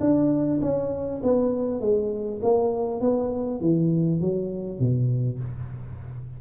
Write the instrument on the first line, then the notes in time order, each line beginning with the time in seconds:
tuba
0.00 D4
0.61 C#4
1.23 B3
1.81 G#3
2.42 A#3
3.01 B3
3.61 E3
4.21 F#3
4.79 B2